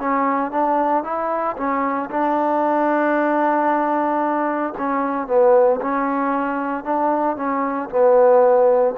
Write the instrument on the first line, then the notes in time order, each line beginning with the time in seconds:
trombone
0.00 C#4
0.52 D4
1.04 E4
1.57 C#4
2.11 D4
4.78 C#4
5.28 B3
5.82 C#4
6.85 D4
7.37 C#4
7.90 B3